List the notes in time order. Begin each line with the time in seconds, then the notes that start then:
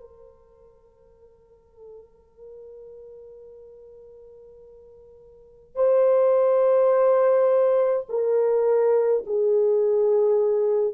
0.00 A#4
5.75 C5
8.09 A#4
9.26 G#4